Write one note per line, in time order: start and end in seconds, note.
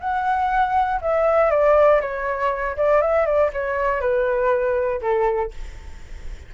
0.00 1.00 F#5
1.01 1.50 E5
1.50 2.00 D5
2.01 2.76 C#5
2.76 3.01 D5
3.01 3.25 E5
3.25 3.50 D5
3.53 4.00 C#5
4.00 5.00 B4
5.01 5.51 A4